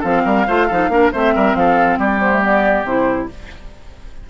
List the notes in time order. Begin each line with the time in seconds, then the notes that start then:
0.00 F3 C4 A4 F5
0.25 G3 A#4
0.47 A3 F4 C5
0.67 F3 D#4 A4
0.89 A#3 D4 A#4
1.13 A3 C4 C5 E5
1.35 G3 A#4
1.54 F3 A4 F5
1.98 G3 G4 D5
2.20 B3 C5
2.32 A3
2.42 B3 D5
2.84 C3 E4 C5